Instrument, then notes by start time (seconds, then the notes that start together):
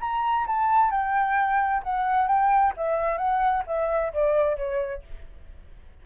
flute
0.00 A#5
0.46 A5
0.90 G5
1.83 F#5
2.27 G5
2.76 E5
3.17 F#5
3.66 E5
4.13 D5
4.56 C#5